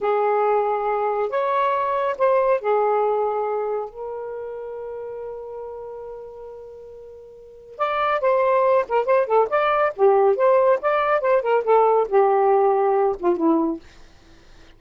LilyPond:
\new Staff \with { instrumentName = "saxophone" } { \time 4/4 \tempo 4 = 139 gis'2. cis''4~ | cis''4 c''4 gis'2~ | gis'4 ais'2.~ | ais'1~ |
ais'2 d''4 c''4~ | c''8 ais'8 c''8 a'8 d''4 g'4 | c''4 d''4 c''8 ais'8 a'4 | g'2~ g'8 f'8 e'4 | }